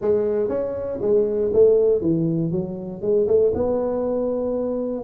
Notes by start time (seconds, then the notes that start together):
0.01 G#3
0.48 C#4
1.01 G#3
1.53 A3
2.01 E3
2.51 F#3
3.01 G#3
3.27 A3
3.54 B3